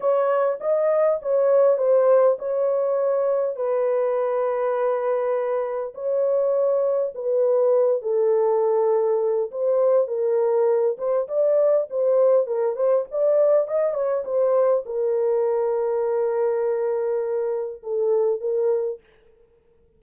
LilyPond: \new Staff \with { instrumentName = "horn" } { \time 4/4 \tempo 4 = 101 cis''4 dis''4 cis''4 c''4 | cis''2 b'2~ | b'2 cis''2 | b'4. a'2~ a'8 |
c''4 ais'4. c''8 d''4 | c''4 ais'8 c''8 d''4 dis''8 cis''8 | c''4 ais'2.~ | ais'2 a'4 ais'4 | }